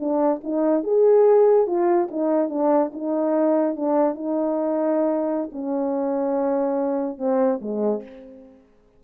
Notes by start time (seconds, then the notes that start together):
0.00 D4
0.44 D#4
0.84 G#4
1.67 F4
2.11 D#4
2.50 D4
2.93 D#4
3.76 D4
4.15 D#4
5.52 C#4
7.18 C4
7.61 G#3